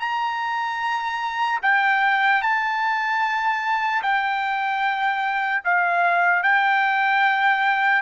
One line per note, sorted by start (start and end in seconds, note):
0.00 1.60 A#5
1.63 2.42 G5
2.42 4.02 A5
4.03 5.63 G5
5.64 6.43 F5
6.43 8.02 G5